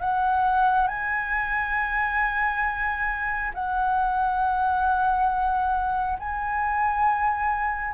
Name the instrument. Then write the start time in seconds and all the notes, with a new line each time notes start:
flute
0.00 F#5
0.87 G#5
3.54 F#5
6.19 G#5